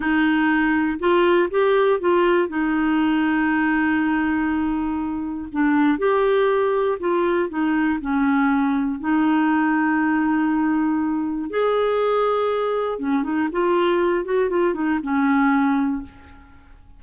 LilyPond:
\new Staff \with { instrumentName = "clarinet" } { \time 4/4 \tempo 4 = 120 dis'2 f'4 g'4 | f'4 dis'2.~ | dis'2. d'4 | g'2 f'4 dis'4 |
cis'2 dis'2~ | dis'2. gis'4~ | gis'2 cis'8 dis'8 f'4~ | f'8 fis'8 f'8 dis'8 cis'2 | }